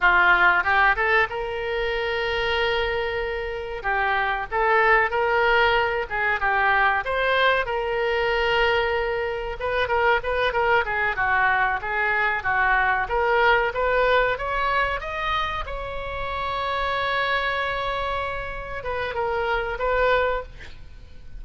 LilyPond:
\new Staff \with { instrumentName = "oboe" } { \time 4/4 \tempo 4 = 94 f'4 g'8 a'8 ais'2~ | ais'2 g'4 a'4 | ais'4. gis'8 g'4 c''4 | ais'2. b'8 ais'8 |
b'8 ais'8 gis'8 fis'4 gis'4 fis'8~ | fis'8 ais'4 b'4 cis''4 dis''8~ | dis''8 cis''2.~ cis''8~ | cis''4. b'8 ais'4 b'4 | }